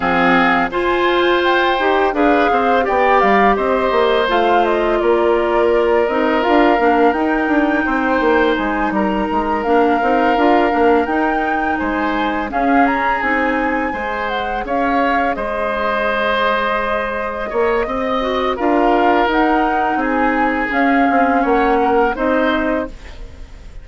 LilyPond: <<
  \new Staff \with { instrumentName = "flute" } { \time 4/4 \tempo 4 = 84 f''4 gis''4 g''4 f''4 | g''8 f''8 dis''4 f''8 dis''8 d''4~ | d''8 dis''8 f''4 g''2 | gis''8 ais''4 f''2 g''8~ |
g''8 gis''4 f''8 ais''8 gis''4. | fis''8 f''4 dis''2~ dis''8~ | dis''2 f''4 fis''4 | gis''4 f''4 fis''4 dis''4 | }
  \new Staff \with { instrumentName = "oboe" } { \time 4/4 gis'4 c''2 b'8 c''8 | d''4 c''2 ais'4~ | ais'2. c''4~ | c''8 ais'2.~ ais'8~ |
ais'8 c''4 gis'2 c''8~ | c''8 cis''4 c''2~ c''8~ | c''8 cis''8 dis''4 ais'2 | gis'2 cis''8 ais'8 c''4 | }
  \new Staff \with { instrumentName = "clarinet" } { \time 4/4 c'4 f'4. g'8 gis'4 | g'2 f'2~ | f'8 dis'8 f'8 d'8 dis'2~ | dis'4. d'8 dis'8 f'8 d'8 dis'8~ |
dis'4. cis'4 dis'4 gis'8~ | gis'1~ | gis'4. fis'8 f'4 dis'4~ | dis'4 cis'2 dis'4 | }
  \new Staff \with { instrumentName = "bassoon" } { \time 4/4 f4 f'4. dis'8 d'8 c'8 | b8 g8 c'8 ais8 a4 ais4~ | ais8 c'8 d'8 ais8 dis'8 d'8 c'8 ais8 | gis8 g8 gis8 ais8 c'8 d'8 ais8 dis'8~ |
dis'8 gis4 cis'4 c'4 gis8~ | gis8 cis'4 gis2~ gis8~ | gis8 ais8 c'4 d'4 dis'4 | c'4 cis'8 c'8 ais4 c'4 | }
>>